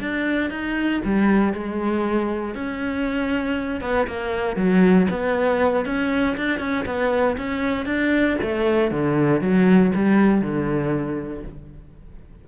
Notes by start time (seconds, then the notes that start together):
0.00 D4
0.50 D#4
1.04 G3
1.53 G#3
2.55 C#4
3.81 B3
4.07 A#3
4.56 F#3
5.10 B3
5.85 C#4
6.37 D4
6.60 C#4
6.86 B3
7.38 C#4
7.86 D4
8.42 A3
8.91 D3
9.41 F#3
9.95 G3
10.41 D3